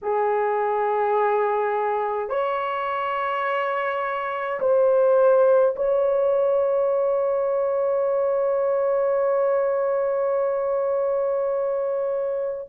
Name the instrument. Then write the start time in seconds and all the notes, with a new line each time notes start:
horn
0.02 G#4
2.29 C#5
4.59 C5
5.76 C#5